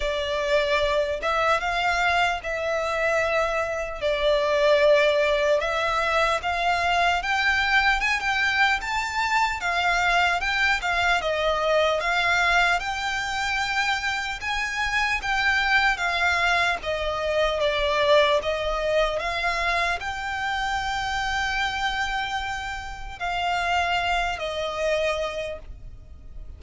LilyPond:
\new Staff \with { instrumentName = "violin" } { \time 4/4 \tempo 4 = 75 d''4. e''8 f''4 e''4~ | e''4 d''2 e''4 | f''4 g''4 gis''16 g''8. a''4 | f''4 g''8 f''8 dis''4 f''4 |
g''2 gis''4 g''4 | f''4 dis''4 d''4 dis''4 | f''4 g''2.~ | g''4 f''4. dis''4. | }